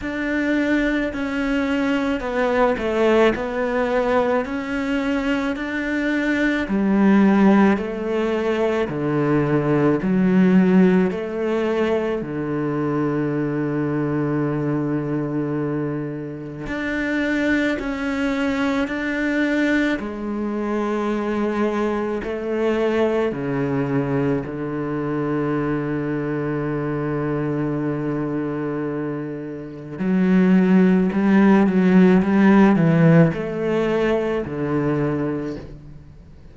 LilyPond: \new Staff \with { instrumentName = "cello" } { \time 4/4 \tempo 4 = 54 d'4 cis'4 b8 a8 b4 | cis'4 d'4 g4 a4 | d4 fis4 a4 d4~ | d2. d'4 |
cis'4 d'4 gis2 | a4 cis4 d2~ | d2. fis4 | g8 fis8 g8 e8 a4 d4 | }